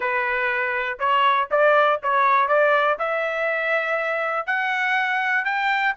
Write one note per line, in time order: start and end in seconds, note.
0.00 0.98 B4
0.99 1.48 C#5
1.51 2.00 D5
2.02 2.48 C#5
2.48 2.97 D5
2.98 4.46 E5
4.46 5.44 F#5
5.44 5.94 G5